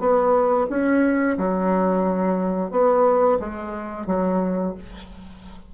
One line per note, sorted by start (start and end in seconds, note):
0.00 0.67 B3
0.70 1.37 C#4
1.38 2.71 F#3
2.71 3.39 B3
3.40 4.07 G#3
4.07 4.74 F#3